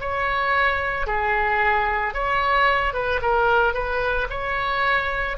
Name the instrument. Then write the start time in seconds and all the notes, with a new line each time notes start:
oboe
0.00 C#5
1.07 G#4
2.14 C#5
2.94 B4
3.22 A#4
3.74 B4
4.30 C#5